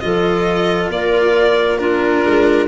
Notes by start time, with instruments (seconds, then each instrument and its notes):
0.00 tuba F3, cello F4, clarinet A4, violin D#5
0.90 tuba A#3, clarinet A#4, violin D5
1.78 cello D4, clarinet F4, violin A#4
2.26 tuba G#3